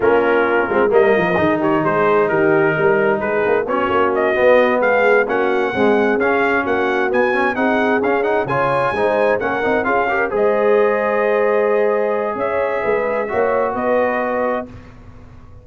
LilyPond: <<
  \new Staff \with { instrumentName = "trumpet" } { \time 4/4 \tempo 4 = 131 ais'2 dis''4. cis''8 | c''4 ais'2 b'4 | cis''4 dis''4. f''4 fis''8~ | fis''4. f''4 fis''4 gis''8~ |
gis''8 fis''4 f''8 fis''8 gis''4.~ | gis''8 fis''4 f''4 dis''4.~ | dis''2. e''4~ | e''2 dis''2 | }
  \new Staff \with { instrumentName = "horn" } { \time 4/4 f'2 ais'4 gis'8 g'8 | gis'4 g'4 ais'4 gis'4 | fis'2~ fis'8 gis'4 fis'8~ | fis'8 gis'2 fis'4.~ |
fis'8 gis'2 cis''4 c''8~ | c''8 ais'4 gis'8 ais'8 c''4.~ | c''2. cis''4 | b'4 cis''4 b'2 | }
  \new Staff \with { instrumentName = "trombone" } { \time 4/4 cis'4. c'8 ais4 dis'4~ | dis'1 | cis'4. b2 cis'8~ | cis'8 gis4 cis'2 b8 |
cis'8 dis'4 cis'8 dis'8 f'4 dis'8~ | dis'8 cis'8 dis'8 f'8 g'8 gis'4.~ | gis'1~ | gis'4 fis'2. | }
  \new Staff \with { instrumentName = "tuba" } { \time 4/4 ais4. gis8 g8 f8 dis4 | gis4 dis4 g4 gis8 ais8 | b8 ais4 b4 gis4 ais8~ | ais8 c'4 cis'4 ais4 b8~ |
b8 c'4 cis'4 cis4 gis8~ | gis8 ais8 c'8 cis'4 gis4.~ | gis2. cis'4 | gis4 ais4 b2 | }
>>